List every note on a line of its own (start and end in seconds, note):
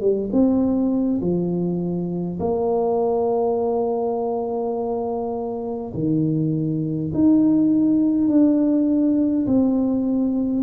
0.00 0.29 G3
0.32 1.20 C4
1.21 2.39 F3
2.40 5.93 A#3
5.94 7.12 D#3
7.14 8.28 D#4
8.28 9.46 D4
9.46 10.63 C4